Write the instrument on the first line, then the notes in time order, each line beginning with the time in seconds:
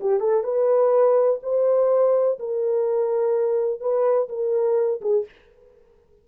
horn
0.00 G4
0.20 A4
0.43 B4
1.42 C5
2.39 A#4
3.80 B4
4.29 A#4
5.01 G#4